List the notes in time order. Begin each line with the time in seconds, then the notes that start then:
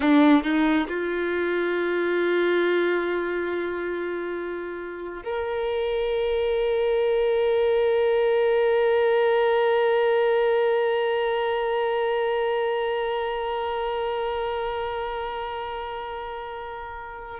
0.00 D4
0.43 D#4
0.88 F4
5.24 A#4